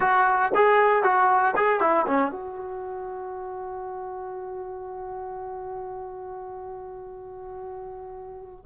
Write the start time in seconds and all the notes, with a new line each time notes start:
0.00 F#4
0.55 G#4
1.03 F#4
1.56 G#4
1.80 E4
2.07 C#4
2.31 F#4